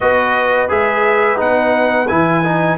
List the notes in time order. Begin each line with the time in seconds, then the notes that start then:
0.00 B3 F#4 B4 D#5
0.68 G#3 G#4 E5
1.36 B3 D#4 F#5
2.07 E3 E4 G#5
2.43 D#4